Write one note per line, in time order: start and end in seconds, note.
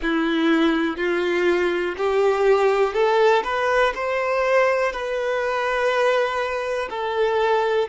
0.01 0.96 E4
0.96 1.94 F4
1.97 2.93 G4
2.93 3.42 A4
3.44 3.93 B4
3.94 4.92 C5
4.92 6.89 B4
6.90 7.88 A4